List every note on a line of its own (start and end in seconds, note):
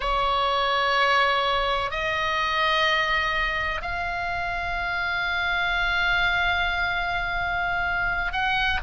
0.00 1.90 C#5
1.90 3.81 D#5
3.81 8.32 F5
8.32 8.80 F#5